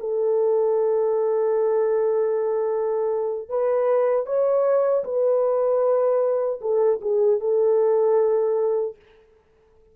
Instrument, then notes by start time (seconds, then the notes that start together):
horn
0.00 A4
3.49 B4
4.26 C#5
5.04 B4
6.61 A4
7.02 G#4
7.40 A4